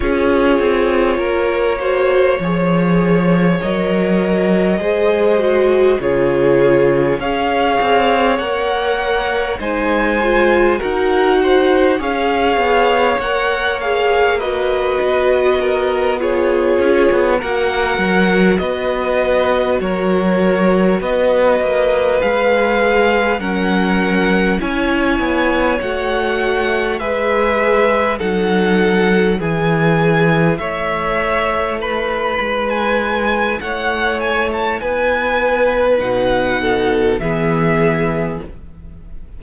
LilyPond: <<
  \new Staff \with { instrumentName = "violin" } { \time 4/4 \tempo 4 = 50 cis''2. dis''4~ | dis''4 cis''4 f''4 fis''4 | gis''4 fis''4 f''4 fis''8 f''8 | dis''4. cis''4 fis''4 dis''8~ |
dis''8 cis''4 dis''4 f''4 fis''8~ | fis''8 gis''4 fis''4 e''4 fis''8~ | fis''8 gis''4 e''4 b''8. gis''8. | fis''8 gis''16 a''16 gis''4 fis''4 e''4 | }
  \new Staff \with { instrumentName = "violin" } { \time 4/4 gis'4 ais'8 c''8 cis''2 | c''4 gis'4 cis''2 | c''4 ais'8 c''8 cis''2 | b'4 ais'8 gis'4 ais'4 b'8~ |
b'8 ais'4 b'2 ais'8~ | ais'8 cis''2 b'4 a'8~ | a'8 gis'4 cis''4 b'4. | cis''4 b'4. a'8 gis'4 | }
  \new Staff \with { instrumentName = "viola" } { \time 4/4 f'4. fis'8 gis'4 ais'4 | gis'8 fis'8 f'4 gis'4 ais'4 | dis'8 f'8 fis'4 gis'4 ais'8 gis'8 | fis'4. f'4 fis'4.~ |
fis'2~ fis'8 gis'4 cis'8~ | cis'8 e'4 fis'4 gis'4 dis'8~ | dis'8 e'2.~ e'8~ | e'2 dis'4 b4 | }
  \new Staff \with { instrumentName = "cello" } { \time 4/4 cis'8 c'8 ais4 f4 fis4 | gis4 cis4 cis'8 c'8 ais4 | gis4 dis'4 cis'8 b8 ais4~ | ais8 b4. cis'16 b16 ais8 fis8 b8~ |
b8 fis4 b8 ais8 gis4 fis8~ | fis8 cis'8 b8 a4 gis4 fis8~ | fis8 e4 a4. gis4 | a4 b4 b,4 e4 | }
>>